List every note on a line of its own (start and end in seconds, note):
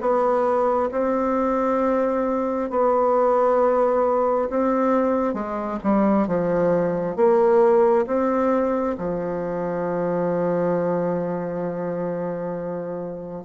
0.00 0.90 B3
0.91 2.69 C4
2.69 4.49 B3
4.49 5.34 C4
5.34 5.78 G#3
5.83 6.27 G3
6.27 7.16 F3
7.16 8.05 A#3
8.06 8.96 C4
8.98 13.44 F3